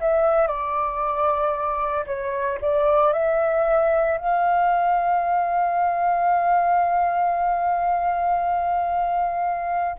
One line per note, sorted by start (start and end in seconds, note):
0.00 0.47 E5
0.47 2.05 D5
2.06 2.59 C#5
2.61 3.13 D5
3.13 4.18 E5
4.18 9.97 F5